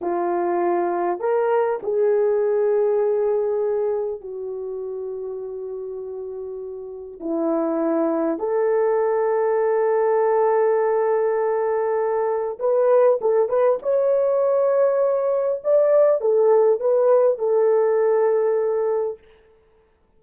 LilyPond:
\new Staff \with { instrumentName = "horn" } { \time 4/4 \tempo 4 = 100 f'2 ais'4 gis'4~ | gis'2. fis'4~ | fis'1 | e'2 a'2~ |
a'1~ | a'4 b'4 a'8 b'8 cis''4~ | cis''2 d''4 a'4 | b'4 a'2. | }